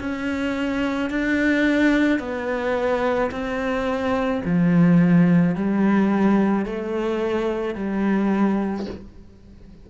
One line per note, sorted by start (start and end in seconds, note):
0.00 1.11 C#4
1.11 2.20 D4
2.20 3.31 B3
3.31 4.42 C4
4.45 5.56 F3
5.56 6.66 G3
6.66 7.75 A3
7.75 8.86 G3